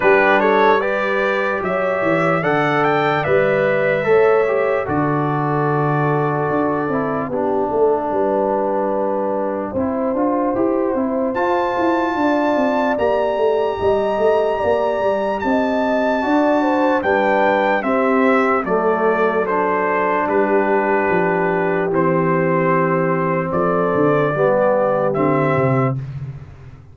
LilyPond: <<
  \new Staff \with { instrumentName = "trumpet" } { \time 4/4 \tempo 4 = 74 b'8 cis''8 d''4 e''4 fis''8 g''8 | e''2 d''2~ | d''4 g''2.~ | g''2 a''2 |
ais''2. a''4~ | a''4 g''4 e''4 d''4 | c''4 b'2 c''4~ | c''4 d''2 e''4 | }
  \new Staff \with { instrumentName = "horn" } { \time 4/4 g'8 a'8 b'4 cis''4 d''4~ | d''4 cis''4 a'2~ | a'4 g'8 a'8 b'2 | c''2. d''4~ |
d''4 dis''4 d''4 dis''4 | d''8 c''8 b'4 g'4 a'4~ | a'4 g'2.~ | g'4 a'4 g'2 | }
  \new Staff \with { instrumentName = "trombone" } { \time 4/4 d'4 g'2 a'4 | b'4 a'8 g'8 fis'2~ | fis'8 e'8 d'2. | e'8 f'8 g'8 e'8 f'2 |
g'1 | fis'4 d'4 c'4 a4 | d'2. c'4~ | c'2 b4 c'4 | }
  \new Staff \with { instrumentName = "tuba" } { \time 4/4 g2 fis8 e8 d4 | g4 a4 d2 | d'8 c'8 b8 a8 g2 | c'8 d'8 e'8 c'8 f'8 e'8 d'8 c'8 |
ais8 a8 g8 a8 ais8 g8 c'4 | d'4 g4 c'4 fis4~ | fis4 g4 f4 e4~ | e4 f8 d8 g4 d8 c8 | }
>>